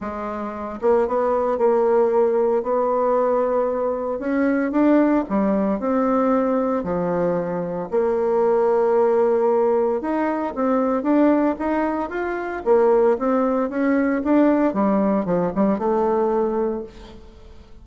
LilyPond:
\new Staff \with { instrumentName = "bassoon" } { \time 4/4 \tempo 4 = 114 gis4. ais8 b4 ais4~ | ais4 b2. | cis'4 d'4 g4 c'4~ | c'4 f2 ais4~ |
ais2. dis'4 | c'4 d'4 dis'4 f'4 | ais4 c'4 cis'4 d'4 | g4 f8 g8 a2 | }